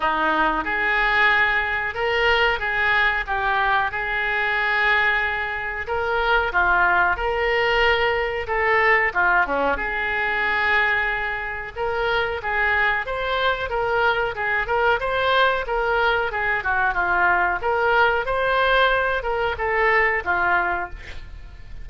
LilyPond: \new Staff \with { instrumentName = "oboe" } { \time 4/4 \tempo 4 = 92 dis'4 gis'2 ais'4 | gis'4 g'4 gis'2~ | gis'4 ais'4 f'4 ais'4~ | ais'4 a'4 f'8 cis'8 gis'4~ |
gis'2 ais'4 gis'4 | c''4 ais'4 gis'8 ais'8 c''4 | ais'4 gis'8 fis'8 f'4 ais'4 | c''4. ais'8 a'4 f'4 | }